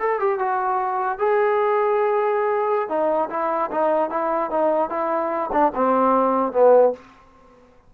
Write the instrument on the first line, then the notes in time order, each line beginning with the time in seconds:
trombone
0.00 A4
0.20 G4
0.39 F#4
1.19 G#4
2.89 D#4
3.31 E4
3.72 D#4
4.11 E4
4.51 D#4
4.90 E4
5.53 D4
5.75 C4
6.53 B3